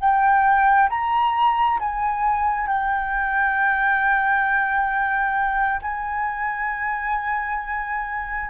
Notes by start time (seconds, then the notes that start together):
0.00 G5
0.90 A#5
1.80 G#5
2.68 G5
5.82 G#5